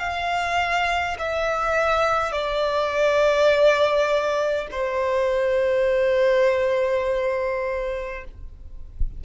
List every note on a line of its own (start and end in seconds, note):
0.00 1.18 F5
1.19 2.33 E5
2.33 4.68 D5
4.72 8.25 C5